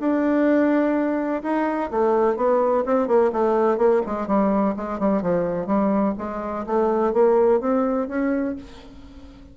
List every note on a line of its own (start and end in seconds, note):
0.00 1.43 D4
1.44 1.91 D#4
1.91 2.37 A3
2.37 2.85 B3
2.86 3.08 C4
3.08 3.32 A#3
3.33 3.78 A3
3.78 4.02 A#3
4.07 4.27 G#3
4.27 4.75 G3
4.77 5.00 G#3
5.00 5.23 G3
5.23 5.67 F3
5.67 6.15 G3
6.18 6.66 G#3
6.67 7.14 A3
7.14 7.61 A#3
7.61 8.08 C4
8.08 8.56 C#4